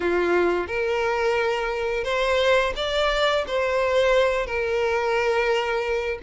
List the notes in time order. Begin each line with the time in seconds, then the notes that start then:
0.00 F4
0.67 A#4
2.04 C5
2.76 D5
3.47 C5
4.46 A#4